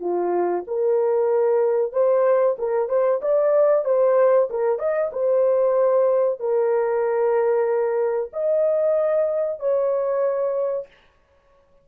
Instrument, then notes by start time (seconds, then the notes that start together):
horn
0.00 F4
0.67 A#4
1.92 C5
2.58 A#4
2.89 C5
3.21 D5
3.85 C5
4.50 A#4
4.79 D#5
5.12 C5
6.39 A#4
8.33 D#5
9.59 C#5